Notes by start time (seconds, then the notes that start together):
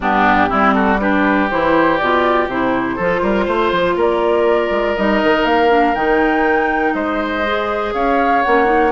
0.00 G2 B3 D4 G4
0.49 G3 C4 E4
0.73 F#4 A4
0.99 D4 G4 B4
1.50 E3 E4 C5
1.97 B2 F4 D5
2.47 C3 E4 C5
2.95 F3 F4 A4
3.22 G3 A#4
3.45 A3 C5
3.71 F3
3.96 A#3 A#4 D5
4.70 G#3
4.96 G3 D#4 D#5
5.23 D#3
5.44 A#3 F5
5.69 D4
5.94 D#3 D#4 G5
6.93 G#3 C5 D#5
7.46 G#4
7.93 C#4 C#5 F5
8.42 A#3 C#4 F#5
8.65 D#4